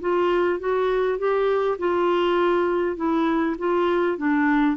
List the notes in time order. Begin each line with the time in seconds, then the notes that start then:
0.00 F4
0.59 F#4
1.18 G4
1.78 F4
2.96 E4
3.58 F4
4.17 D4